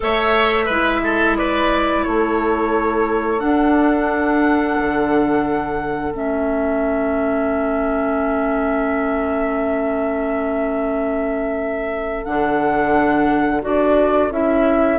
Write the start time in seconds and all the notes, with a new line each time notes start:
0.00 A3 A4 C#5 E5
0.65 G#3 E4 B4
1.03 A4
1.36 B4 D5
2.04 A3 A4 C#5
3.39 D4 F#5
4.78 D3
6.13 A3 C#4 E5
12.24 D3 D4 F#5
13.61 D4 F#4 D5
14.30 C#4 E4 E5